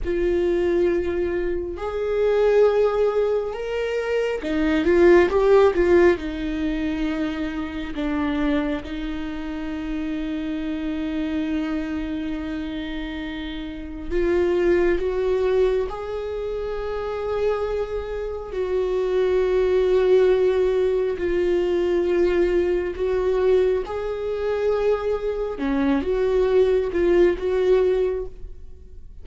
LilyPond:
\new Staff \with { instrumentName = "viola" } { \time 4/4 \tempo 4 = 68 f'2 gis'2 | ais'4 dis'8 f'8 g'8 f'8 dis'4~ | dis'4 d'4 dis'2~ | dis'1 |
f'4 fis'4 gis'2~ | gis'4 fis'2. | f'2 fis'4 gis'4~ | gis'4 cis'8 fis'4 f'8 fis'4 | }